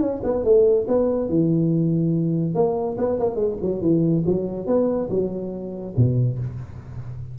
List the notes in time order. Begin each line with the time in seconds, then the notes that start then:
0.00 C#4
0.23 B3
0.44 A3
0.87 B3
1.29 E3
2.54 A#3
2.98 B3
3.19 A#3
3.35 G#3
3.61 F#3
3.81 E3
4.26 F#3
4.66 B3
5.09 F#3
5.96 B2